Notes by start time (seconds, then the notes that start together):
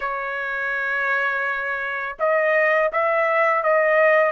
0.00 C#5
2.19 D#5
2.92 E5
3.63 D#5